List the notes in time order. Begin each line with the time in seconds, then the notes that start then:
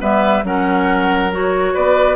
0.00 G3 B3 B4 E5
0.44 F#3 C#4 A#4 F#5
1.32 F#4 C#5
1.74 B3 B4 D5